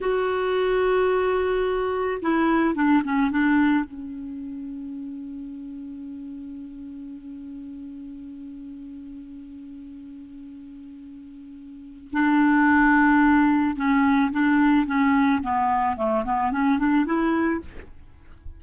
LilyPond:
\new Staff \with { instrumentName = "clarinet" } { \time 4/4 \tempo 4 = 109 fis'1 | e'4 d'8 cis'8 d'4 cis'4~ | cis'1~ | cis'1~ |
cis'1~ | cis'2 d'2~ | d'4 cis'4 d'4 cis'4 | b4 a8 b8 cis'8 d'8 e'4 | }